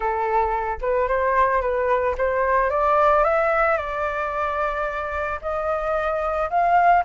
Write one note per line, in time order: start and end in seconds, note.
0.00 0.78 A4
0.81 1.08 B4
1.08 1.61 C5
1.61 2.15 B4
2.17 2.70 C5
2.70 3.23 D5
3.23 3.77 E5
3.77 5.39 D5
5.41 6.49 D#5
6.49 7.03 F5